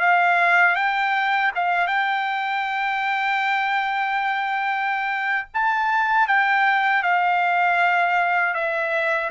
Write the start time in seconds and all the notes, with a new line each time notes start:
0.00 F5
0.76 G5
1.55 F5
1.87 G5
5.54 A5
6.28 G5
7.03 F5
8.54 E5